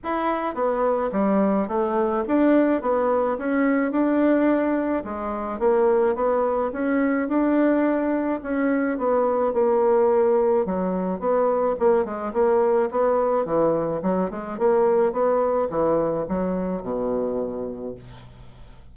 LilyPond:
\new Staff \with { instrumentName = "bassoon" } { \time 4/4 \tempo 4 = 107 e'4 b4 g4 a4 | d'4 b4 cis'4 d'4~ | d'4 gis4 ais4 b4 | cis'4 d'2 cis'4 |
b4 ais2 fis4 | b4 ais8 gis8 ais4 b4 | e4 fis8 gis8 ais4 b4 | e4 fis4 b,2 | }